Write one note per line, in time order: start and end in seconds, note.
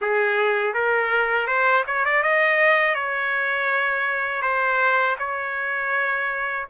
0.01 0.74 G#4
0.74 1.47 A#4
1.47 1.84 C5
1.87 2.05 C#5
2.05 2.23 D5
2.23 2.95 D#5
2.95 4.42 C#5
4.42 5.16 C5
5.18 6.66 C#5